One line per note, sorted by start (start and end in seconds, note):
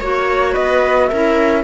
0.00 0.56 A#3
0.00 1.12 F#4
0.00 0.53 C#5
0.00 0.54 C#5
0.53 1.11 B3
0.53 1.08 B4
0.53 1.08 D#5
1.08 1.64 C#4
1.08 1.64 E4
1.08 1.64 A#4
1.08 1.63 E5